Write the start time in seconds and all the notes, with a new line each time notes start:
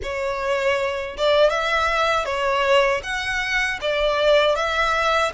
0.02 C#5
1.17 D5
1.49 E5
2.25 C#5
3.03 F#5
3.81 D5
4.55 E5